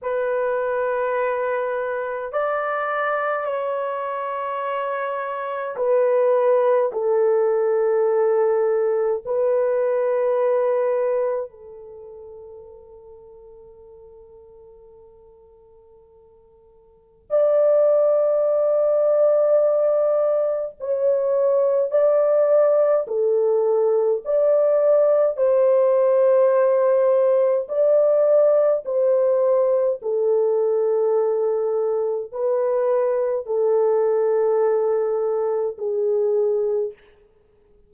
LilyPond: \new Staff \with { instrumentName = "horn" } { \time 4/4 \tempo 4 = 52 b'2 d''4 cis''4~ | cis''4 b'4 a'2 | b'2 a'2~ | a'2. d''4~ |
d''2 cis''4 d''4 | a'4 d''4 c''2 | d''4 c''4 a'2 | b'4 a'2 gis'4 | }